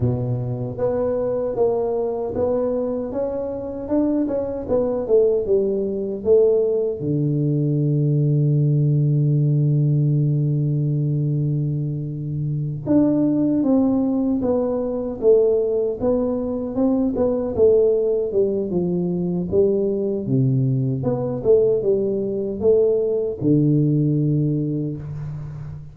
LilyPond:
\new Staff \with { instrumentName = "tuba" } { \time 4/4 \tempo 4 = 77 b,4 b4 ais4 b4 | cis'4 d'8 cis'8 b8 a8 g4 | a4 d2.~ | d1~ |
d8 d'4 c'4 b4 a8~ | a8 b4 c'8 b8 a4 g8 | f4 g4 c4 b8 a8 | g4 a4 d2 | }